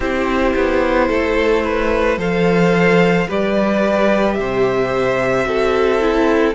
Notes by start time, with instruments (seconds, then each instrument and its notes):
0.00 cello C4, viola E4, violin G4 C5
0.55 cello B3
1.08 cello A3, violin A4
1.63 violin B4
2.17 cello F3, viola A4, violin C5 F5
3.28 cello G3, viola G4, violin B4 D5
4.33 cello C3, violin C5 E5
5.43 cello C4, viola F#4, violin A4
6.00 viola E4